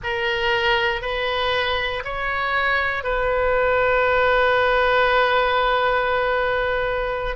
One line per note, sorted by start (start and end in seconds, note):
0.03 1.01 A#4
1.01 2.03 B4
2.04 3.03 C#5
3.03 7.35 B4